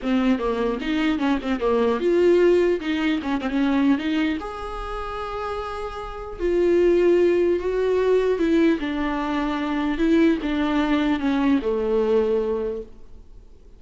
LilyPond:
\new Staff \with { instrumentName = "viola" } { \time 4/4 \tempo 4 = 150 c'4 ais4 dis'4 cis'8 c'8 | ais4 f'2 dis'4 | cis'8 c'16 cis'4~ cis'16 dis'4 gis'4~ | gis'1 |
f'2. fis'4~ | fis'4 e'4 d'2~ | d'4 e'4 d'2 | cis'4 a2. | }